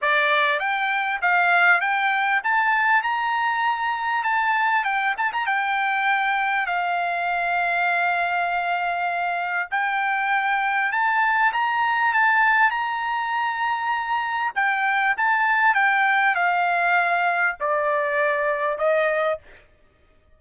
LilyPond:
\new Staff \with { instrumentName = "trumpet" } { \time 4/4 \tempo 4 = 99 d''4 g''4 f''4 g''4 | a''4 ais''2 a''4 | g''8 a''16 ais''16 g''2 f''4~ | f''1 |
g''2 a''4 ais''4 | a''4 ais''2. | g''4 a''4 g''4 f''4~ | f''4 d''2 dis''4 | }